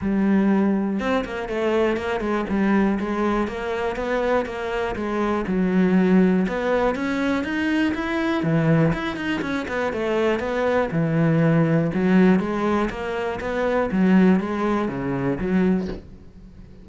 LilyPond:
\new Staff \with { instrumentName = "cello" } { \time 4/4 \tempo 4 = 121 g2 c'8 ais8 a4 | ais8 gis8 g4 gis4 ais4 | b4 ais4 gis4 fis4~ | fis4 b4 cis'4 dis'4 |
e'4 e4 e'8 dis'8 cis'8 b8 | a4 b4 e2 | fis4 gis4 ais4 b4 | fis4 gis4 cis4 fis4 | }